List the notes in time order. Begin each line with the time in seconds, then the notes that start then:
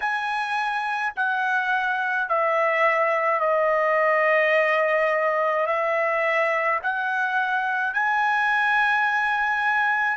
0.00 G#5
1.16 F#5
2.28 E5
3.40 D#5
5.66 E5
6.82 F#5
7.93 G#5